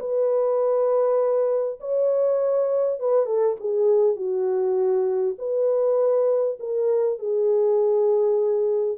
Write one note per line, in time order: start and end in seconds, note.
0.00 1.80 B4
1.80 3.00 C#5
3.00 3.26 B4
3.26 3.56 A4
3.60 4.16 G#4
4.16 5.36 F#4
5.39 6.59 B4
6.60 7.19 A#4
7.19 8.98 G#4